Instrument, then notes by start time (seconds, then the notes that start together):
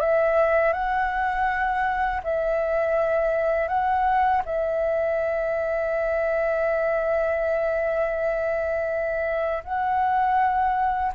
flute
0.00 E5
0.73 F#5
2.24 E5
3.68 F#5
4.45 E5
9.64 F#5